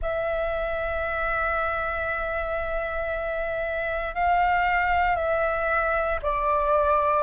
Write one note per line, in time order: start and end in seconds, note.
0.02 4.14 E5
4.14 5.16 F5
5.16 6.19 E5
6.22 7.22 D5